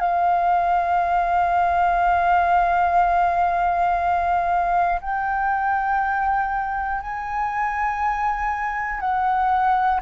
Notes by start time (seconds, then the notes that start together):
0.00 F5
5.01 G5
7.02 G#5
9.00 F#5